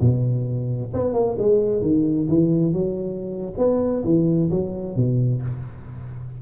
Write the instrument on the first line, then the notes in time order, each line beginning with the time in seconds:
tuba
0.00 B2
0.93 B3
1.13 A#3
1.38 G#3
1.81 D#3
2.28 E3
2.73 F#3
3.57 B3
4.04 E3
4.50 F#3
4.96 B2